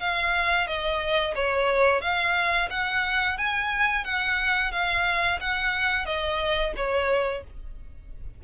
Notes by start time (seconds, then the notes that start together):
0.00 F5
0.67 D#5
1.35 C#5
2.01 F5
2.70 F#5
3.37 G#5
4.04 F#5
4.72 F5
5.40 F#5
6.05 D#5
6.76 C#5